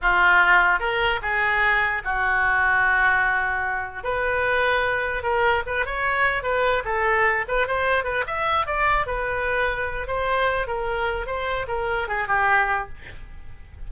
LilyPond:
\new Staff \with { instrumentName = "oboe" } { \time 4/4 \tempo 4 = 149 f'2 ais'4 gis'4~ | gis'4 fis'2.~ | fis'2 b'2~ | b'4 ais'4 b'8 cis''4. |
b'4 a'4. b'8 c''4 | b'8 e''4 d''4 b'4.~ | b'4 c''4. ais'4. | c''4 ais'4 gis'8 g'4. | }